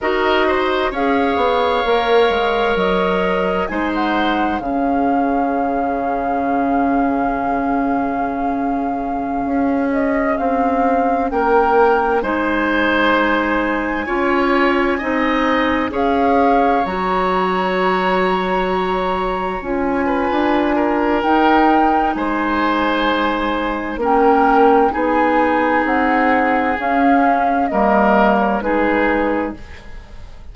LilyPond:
<<
  \new Staff \with { instrumentName = "flute" } { \time 4/4 \tempo 4 = 65 dis''4 f''2 dis''4 | gis''16 fis''8. f''2.~ | f''2~ f''8. dis''8 f''8.~ | f''16 g''4 gis''2~ gis''8.~ |
gis''4~ gis''16 f''4 ais''4.~ ais''16~ | ais''4~ ais''16 gis''4.~ gis''16 g''4 | gis''2 g''4 gis''4 | fis''4 f''4 dis''8. cis''16 b'4 | }
  \new Staff \with { instrumentName = "oboe" } { \time 4/4 ais'8 c''8 cis''2. | c''4 gis'2.~ | gis'1~ | gis'16 ais'4 c''2 cis''8.~ |
cis''16 dis''4 cis''2~ cis''8.~ | cis''4.~ cis''16 b'8. ais'4. | c''2 ais'4 gis'4~ | gis'2 ais'4 gis'4 | }
  \new Staff \with { instrumentName = "clarinet" } { \time 4/4 fis'4 gis'4 ais'2 | dis'4 cis'2.~ | cis'1~ | cis'4~ cis'16 dis'2 f'8.~ |
f'16 dis'4 gis'4 fis'4.~ fis'16~ | fis'4~ fis'16 f'4.~ f'16 dis'4~ | dis'2 cis'4 dis'4~ | dis'4 cis'4 ais4 dis'4 | }
  \new Staff \with { instrumentName = "bassoon" } { \time 4/4 dis'4 cis'8 b8 ais8 gis8 fis4 | gis4 cis2.~ | cis2~ cis16 cis'4 c'8.~ | c'16 ais4 gis2 cis'8.~ |
cis'16 c'4 cis'4 fis4.~ fis16~ | fis4~ fis16 cis'8. d'4 dis'4 | gis2 ais4 b4 | c'4 cis'4 g4 gis4 | }
>>